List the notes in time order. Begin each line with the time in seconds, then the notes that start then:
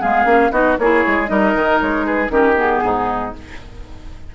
0.00 G#3 B3 G#4 F5
0.25 A#3 C#4
0.51 B3 D#4 F#4 D#5
0.79 A#3 E4 G#4 C#5
1.07 G#3
1.26 G3 D#4 A#4 D#5
1.54 D#3
1.80 G#3 C#5
2.05 G#4 B4
2.29 D#3 C#4 G4 A#4
2.56 B3 G#4
2.84 G#2 D#4